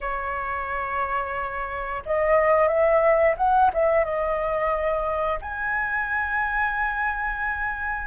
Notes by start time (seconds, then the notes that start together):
0.00 C#5
2.05 D#5
2.68 E5
3.37 F#5
3.73 E5
4.04 D#5
5.41 G#5